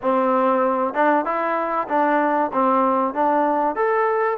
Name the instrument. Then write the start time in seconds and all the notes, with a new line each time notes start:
trombone
0.02 C4
0.94 D4
1.25 E4
1.88 D4
2.52 C4
3.13 D4
3.75 A4